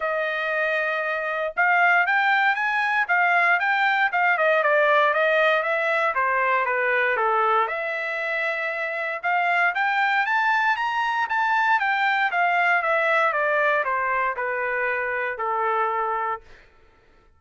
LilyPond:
\new Staff \with { instrumentName = "trumpet" } { \time 4/4 \tempo 4 = 117 dis''2. f''4 | g''4 gis''4 f''4 g''4 | f''8 dis''8 d''4 dis''4 e''4 | c''4 b'4 a'4 e''4~ |
e''2 f''4 g''4 | a''4 ais''4 a''4 g''4 | f''4 e''4 d''4 c''4 | b'2 a'2 | }